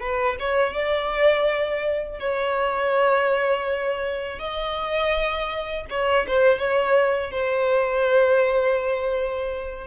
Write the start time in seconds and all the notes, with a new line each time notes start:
0.00 B4
0.39 C#5
0.73 D5
2.20 C#5
4.39 D#5
5.90 C#5
6.27 C5
6.58 C#5
7.31 C5